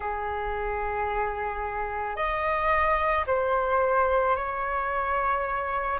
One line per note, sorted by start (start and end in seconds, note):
0.00 2.15 G#4
2.15 3.24 D#5
3.26 4.35 C5
4.36 6.00 C#5